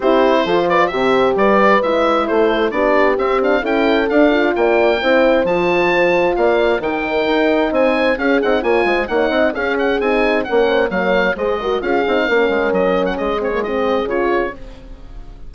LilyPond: <<
  \new Staff \with { instrumentName = "oboe" } { \time 4/4 \tempo 4 = 132 c''4. d''8 e''4 d''4 | e''4 c''4 d''4 e''8 f''8 | g''4 f''4 g''2 | a''2 f''4 g''4~ |
g''4 gis''4 f''8 fis''8 gis''4 | fis''4 f''8 fis''8 gis''4 fis''4 | f''4 dis''4 f''2 | dis''8. fis''16 dis''8 cis''8 dis''4 cis''4 | }
  \new Staff \with { instrumentName = "horn" } { \time 4/4 g'4 a'8 b'8 c''4 b'4~ | b'4 a'4 g'2 | a'2 d''4 c''4~ | c''2 d''4 ais'4~ |
ais'4 c''4 gis'4 cis''8 c''8 | cis''8 dis''8 gis'2 ais'8 c''8 | cis''4 c''8 ais'8 gis'4 ais'4~ | ais'4 gis'2. | }
  \new Staff \with { instrumentName = "horn" } { \time 4/4 e'4 f'4 g'2 | e'2 d'4 c'8 d'8 | e'4 d'8 f'4. e'4 | f'2. dis'4~ |
dis'2 cis'8 dis'8 f'4 | dis'4 cis'4 dis'4 cis'4 | ais4 gis'8 fis'8 f'8 dis'8 cis'4~ | cis'4. c'16 ais16 c'4 f'4 | }
  \new Staff \with { instrumentName = "bassoon" } { \time 4/4 c'4 f4 c4 g4 | gis4 a4 b4 c'4 | cis'4 d'4 ais4 c'4 | f2 ais4 dis4 |
dis'4 c'4 cis'8 c'8 ais8 gis8 | ais8 c'8 cis'4 c'4 ais4 | fis4 gis4 cis'8 c'8 ais8 gis8 | fis4 gis2 cis4 | }
>>